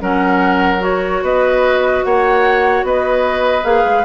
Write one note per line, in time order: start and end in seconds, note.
0.00 1.22 F#3
0.00 0.79 C#4
0.00 1.23 A#4
0.00 0.83 F#5
0.79 3.62 F#4
0.79 1.23 C#5
1.22 2.03 B3
1.22 2.05 B4
1.22 2.03 D#5
2.03 2.83 A#3
2.03 2.86 C#5
2.03 2.85 F#5
2.83 3.64 B3
2.83 4.04 B4
2.83 3.64 D#5
3.63 3.84 A#3
3.63 4.04 G#4
3.63 4.04 F5
3.84 4.04 G#3